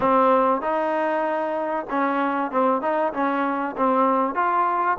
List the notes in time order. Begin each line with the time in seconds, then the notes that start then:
0.00 C4
0.61 D#4
1.90 C#4
2.51 C4
2.81 D#4
3.12 C#4
3.76 C4
4.34 F4